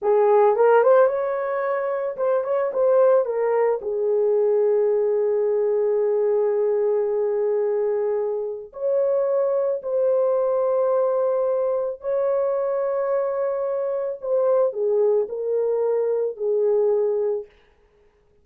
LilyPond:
\new Staff \with { instrumentName = "horn" } { \time 4/4 \tempo 4 = 110 gis'4 ais'8 c''8 cis''2 | c''8 cis''8 c''4 ais'4 gis'4~ | gis'1~ | gis'1 |
cis''2 c''2~ | c''2 cis''2~ | cis''2 c''4 gis'4 | ais'2 gis'2 | }